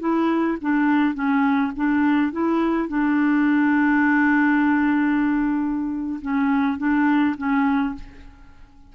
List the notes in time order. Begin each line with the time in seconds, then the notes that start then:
0.00 E4
0.61 D4
1.15 C#4
1.76 D4
2.32 E4
2.89 D4
6.22 C#4
6.78 D4
7.37 C#4